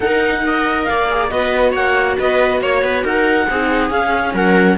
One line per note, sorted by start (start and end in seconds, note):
0.00 0.86 D#4
0.00 0.42 D#4
0.00 0.41 A#4
0.00 0.84 F#5
0.42 1.07 A#4
0.42 0.89 D#5
0.84 1.31 D5
0.84 1.27 F5
0.90 1.31 A#3
1.10 1.30 G#4
1.29 1.74 B3
1.29 3.47 F#4
1.29 1.71 B4
1.29 1.73 D#5
1.71 2.17 A#3
1.71 2.15 C#5
1.71 2.18 F#5
2.19 2.60 B3
2.19 2.62 B4
2.19 2.62 D#5
2.60 2.81 A#3
2.60 2.83 C#5
2.60 3.05 C#5
2.81 3.03 B3
2.81 3.03 B4
3.03 3.47 D#4
3.03 3.47 A#4
3.03 3.90 F#5
3.48 3.90 C4
3.48 3.91 D#4
3.48 4.34 G#4
3.90 4.33 C#4
3.90 4.78 C#4
3.90 4.34 F5
4.33 4.77 F#3
4.33 4.77 A#4
4.33 4.78 F#5